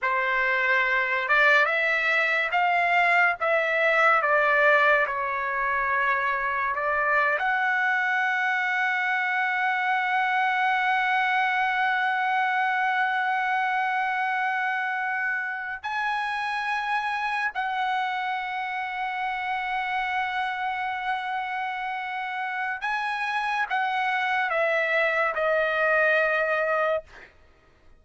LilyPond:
\new Staff \with { instrumentName = "trumpet" } { \time 4/4 \tempo 4 = 71 c''4. d''8 e''4 f''4 | e''4 d''4 cis''2 | d''8. fis''2.~ fis''16~ | fis''1~ |
fis''2~ fis''8. gis''4~ gis''16~ | gis''8. fis''2.~ fis''16~ | fis''2. gis''4 | fis''4 e''4 dis''2 | }